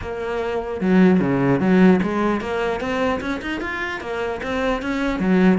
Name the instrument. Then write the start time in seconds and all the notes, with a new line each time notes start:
cello
0.01 A#3
0.81 F#3
1.20 C#3
1.59 F#3
2.02 G#3
2.40 A#3
2.80 C4
3.21 C#4
3.41 D#4
3.60 F4
4.01 A#3
4.42 C4
4.81 C#4
5.19 F#3